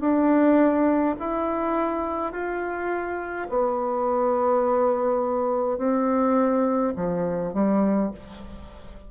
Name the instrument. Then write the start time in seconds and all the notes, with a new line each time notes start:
bassoon
0.00 D4
1.20 E4
2.32 F4
3.49 B3
5.78 C4
6.96 F3
7.54 G3